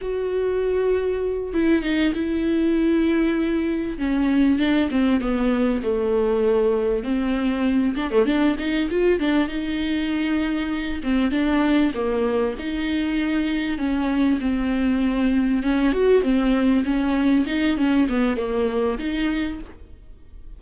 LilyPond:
\new Staff \with { instrumentName = "viola" } { \time 4/4 \tempo 4 = 98 fis'2~ fis'8 e'8 dis'8 e'8~ | e'2~ e'8 cis'4 d'8 | c'8 b4 a2 c'8~ | c'4 d'16 a16 d'8 dis'8 f'8 d'8 dis'8~ |
dis'2 c'8 d'4 ais8~ | ais8 dis'2 cis'4 c'8~ | c'4. cis'8 fis'8 c'4 cis'8~ | cis'8 dis'8 cis'8 b8 ais4 dis'4 | }